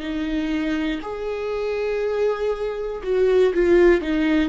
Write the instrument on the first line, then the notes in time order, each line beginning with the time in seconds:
viola
0.00 D#4
1.02 G#4
3.03 F#4
3.54 F4
4.01 D#4